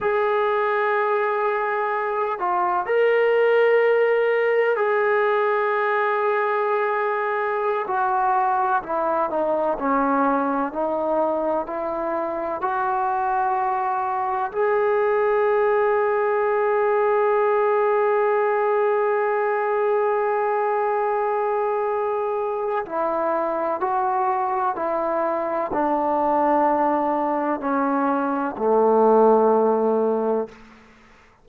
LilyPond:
\new Staff \with { instrumentName = "trombone" } { \time 4/4 \tempo 4 = 63 gis'2~ gis'8 f'8 ais'4~ | ais'4 gis'2.~ | gis'16 fis'4 e'8 dis'8 cis'4 dis'8.~ | dis'16 e'4 fis'2 gis'8.~ |
gis'1~ | gis'1 | e'4 fis'4 e'4 d'4~ | d'4 cis'4 a2 | }